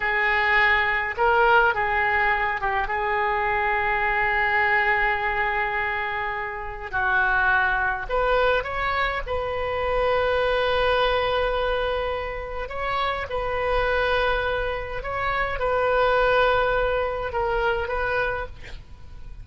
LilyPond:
\new Staff \with { instrumentName = "oboe" } { \time 4/4 \tempo 4 = 104 gis'2 ais'4 gis'4~ | gis'8 g'8 gis'2.~ | gis'1 | fis'2 b'4 cis''4 |
b'1~ | b'2 cis''4 b'4~ | b'2 cis''4 b'4~ | b'2 ais'4 b'4 | }